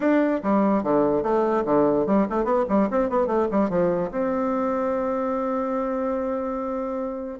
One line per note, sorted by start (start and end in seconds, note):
0.00 0.41 D4
0.43 0.83 G3
0.83 1.23 D3
1.23 1.64 A3
1.65 2.06 D3
2.06 2.26 G3
2.29 2.44 A3
2.44 2.65 B3
2.68 2.89 G3
2.90 3.09 C4
3.09 3.27 B3
3.27 3.47 A3
3.51 3.69 G3
3.69 4.10 F3
4.11 7.39 C4